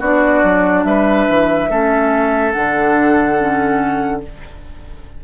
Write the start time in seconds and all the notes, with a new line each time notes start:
0.00 B3 D4 F#4 D5
0.44 F#3
0.85 G3 B4 E5
1.29 E3
1.70 A3 C#4 A4
2.52 D3 D4 F#5
3.38 C#4